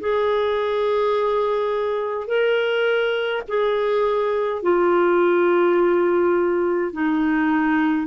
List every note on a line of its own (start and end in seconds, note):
0.00 2.27 G#4
2.27 3.42 A#4
3.48 4.63 G#4
4.63 6.93 F4
6.93 8.07 D#4